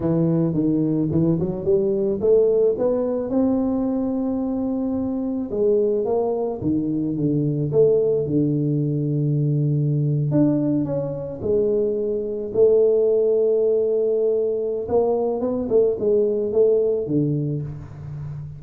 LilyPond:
\new Staff \with { instrumentName = "tuba" } { \time 4/4 \tempo 4 = 109 e4 dis4 e8 fis8 g4 | a4 b4 c'2~ | c'2 gis4 ais4 | dis4 d4 a4 d4~ |
d2~ d8. d'4 cis'16~ | cis'8. gis2 a4~ a16~ | a2. ais4 | b8 a8 gis4 a4 d4 | }